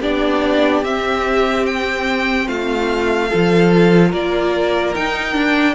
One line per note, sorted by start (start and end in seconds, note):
0.00 0.83 B3
0.00 0.84 D4
0.00 2.47 G4
0.00 0.84 D5
0.83 2.47 C4
0.83 3.30 C4
0.83 1.66 E5
1.66 2.48 G5
2.48 3.30 A3
2.48 3.29 F4
2.48 4.12 F5
3.29 4.13 F3
3.29 4.95 F4
3.29 4.09 A4
4.09 4.95 A#3
4.09 5.74 A#4
4.09 4.94 D5
4.94 5.32 D#4
4.94 5.36 D#4
4.94 5.75 G5
5.32 5.73 D4
5.32 5.75 D4